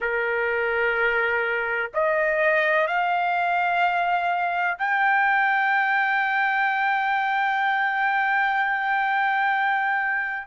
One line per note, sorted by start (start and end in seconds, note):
0.00 1.91 A#4
1.94 2.87 D#5
2.87 4.77 F5
4.78 10.47 G5